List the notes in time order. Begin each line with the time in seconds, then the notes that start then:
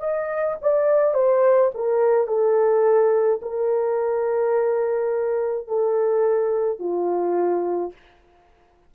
0.00 D#5
0.62 D5
1.15 C5
1.75 A#4
2.27 A4
3.43 A#4
5.68 A4
6.80 F4